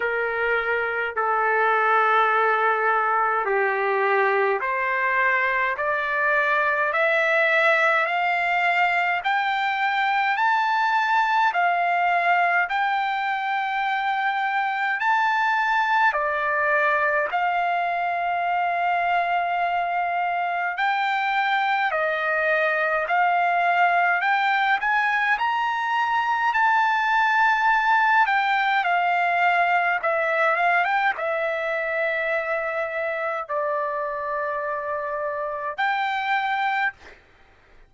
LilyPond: \new Staff \with { instrumentName = "trumpet" } { \time 4/4 \tempo 4 = 52 ais'4 a'2 g'4 | c''4 d''4 e''4 f''4 | g''4 a''4 f''4 g''4~ | g''4 a''4 d''4 f''4~ |
f''2 g''4 dis''4 | f''4 g''8 gis''8 ais''4 a''4~ | a''8 g''8 f''4 e''8 f''16 g''16 e''4~ | e''4 d''2 g''4 | }